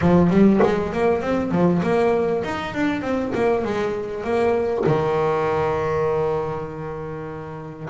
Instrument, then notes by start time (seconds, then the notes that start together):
double bass
0.01 F3
0.30 G3
0.63 G#3
0.92 A#3
1.21 C4
1.51 F3
1.82 A#3
2.44 D#4
2.74 D4
3.01 C4
3.34 A#3
3.64 G#3
4.23 A#3
4.86 D#3